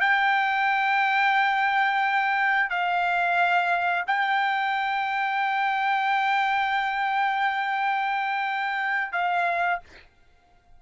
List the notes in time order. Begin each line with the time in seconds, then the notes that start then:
0.00 G5
2.70 F5
4.07 G5
9.12 F5